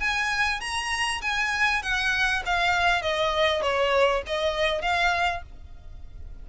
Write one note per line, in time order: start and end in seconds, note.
0.00 0.61 G#5
0.61 1.21 A#5
1.21 1.82 G#5
1.82 2.43 F#5
2.45 3.02 F5
3.02 3.62 D#5
3.62 4.23 C#5
4.26 4.82 D#5
4.82 5.42 F5